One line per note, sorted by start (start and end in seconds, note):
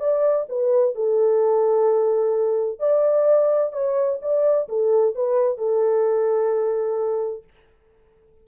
0.00 0.47 D5
0.49 0.95 B4
0.95 2.80 A4
2.80 3.73 D5
3.73 4.19 C#5
4.22 4.69 D5
4.69 5.15 A4
5.15 5.58 B4
5.58 7.44 A4